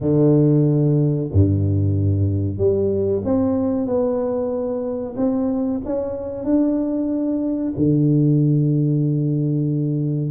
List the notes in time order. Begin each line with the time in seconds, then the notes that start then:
0.00 D3
1.32 G2
2.57 G3
3.24 C4
3.86 B3
5.16 C4
5.85 C#4
6.44 D4
7.76 D3